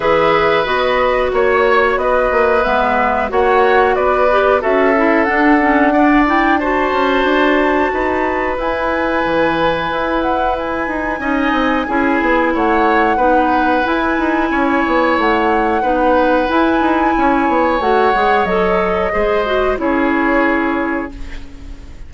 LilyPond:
<<
  \new Staff \with { instrumentName = "flute" } { \time 4/4 \tempo 4 = 91 e''4 dis''4 cis''4 dis''4 | e''4 fis''4 d''4 e''4 | fis''4. g''8 a''2~ | a''4 gis''2~ gis''8 fis''8 |
gis''2. fis''4~ | fis''4 gis''2 fis''4~ | fis''4 gis''2 fis''4 | dis''2 cis''2 | }
  \new Staff \with { instrumentName = "oboe" } { \time 4/4 b'2 cis''4 b'4~ | b'4 cis''4 b'4 a'4~ | a'4 d''4 c''2 | b'1~ |
b'4 dis''4 gis'4 cis''4 | b'2 cis''2 | b'2 cis''2~ | cis''4 c''4 gis'2 | }
  \new Staff \with { instrumentName = "clarinet" } { \time 4/4 gis'4 fis'2. | b4 fis'4. g'8 fis'8 e'8 | d'8 cis'8 d'8 e'8 fis'2~ | fis'4 e'2.~ |
e'4 dis'4 e'2 | dis'4 e'2. | dis'4 e'2 fis'8 gis'8 | a'4 gis'8 fis'8 e'2 | }
  \new Staff \with { instrumentName = "bassoon" } { \time 4/4 e4 b4 ais4 b8 ais8 | gis4 ais4 b4 cis'4 | d'2~ d'8 cis'8 d'4 | dis'4 e'4 e4 e'4~ |
e'8 dis'8 cis'8 c'8 cis'8 b8 a4 | b4 e'8 dis'8 cis'8 b8 a4 | b4 e'8 dis'8 cis'8 b8 a8 gis8 | fis4 gis4 cis'2 | }
>>